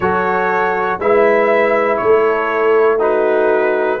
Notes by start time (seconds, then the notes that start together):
0.00 F#3 F#4 A4 C#5
0.99 G#3 E4 B4 E5
1.97 A3 C#5
2.03 A4
2.98 D#4 F#4 B4